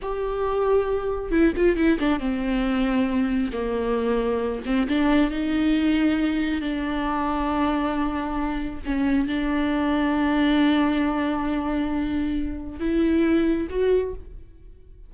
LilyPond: \new Staff \with { instrumentName = "viola" } { \time 4/4 \tempo 4 = 136 g'2. e'8 f'8 | e'8 d'8 c'2. | ais2~ ais8 c'8 d'4 | dis'2. d'4~ |
d'1 | cis'4 d'2.~ | d'1~ | d'4 e'2 fis'4 | }